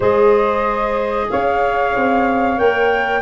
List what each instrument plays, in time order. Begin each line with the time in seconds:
0.00 tuba G#3, clarinet G#4, saxophone C5, flute D#5
1.30 tuba C#4, saxophone C#5, flute F5
1.95 tuba C4
2.57 tuba A#3, clarinet A#4, flute G5